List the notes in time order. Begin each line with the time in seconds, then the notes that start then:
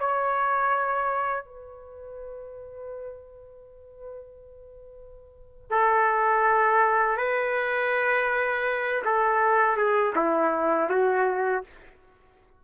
0.00 C#5
1.45 B4
5.70 A4
7.18 B4
9.05 A4
9.77 G#4
10.16 E4
10.90 F#4